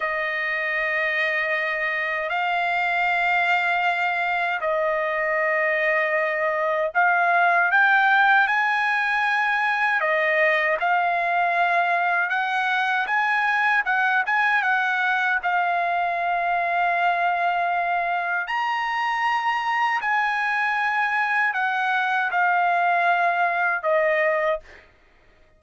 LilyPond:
\new Staff \with { instrumentName = "trumpet" } { \time 4/4 \tempo 4 = 78 dis''2. f''4~ | f''2 dis''2~ | dis''4 f''4 g''4 gis''4~ | gis''4 dis''4 f''2 |
fis''4 gis''4 fis''8 gis''8 fis''4 | f''1 | ais''2 gis''2 | fis''4 f''2 dis''4 | }